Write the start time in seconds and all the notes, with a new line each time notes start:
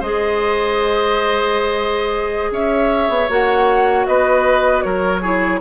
0.00 G#3 G#4 C5 D#5
2.51 C#4 C#5 E5
3.09 B3
3.29 A#3 F#4 F#5
4.07 B3 B4 D#5
4.82 F#3 A#4 C#5
5.22 E4 G#4